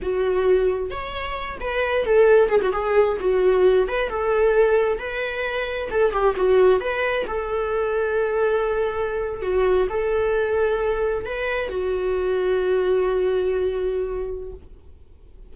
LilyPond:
\new Staff \with { instrumentName = "viola" } { \time 4/4 \tempo 4 = 132 fis'2 cis''4. b'8~ | b'8 a'4 gis'16 fis'16 gis'4 fis'4~ | fis'8 b'8 a'2 b'4~ | b'4 a'8 g'8 fis'4 b'4 |
a'1~ | a'8. fis'4 a'2~ a'16~ | a'8. b'4 fis'2~ fis'16~ | fis'1 | }